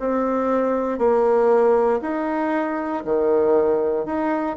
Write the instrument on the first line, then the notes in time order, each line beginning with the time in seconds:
bassoon
0.00 C4
0.99 A#3
2.02 D#4
3.05 D#3
4.06 D#4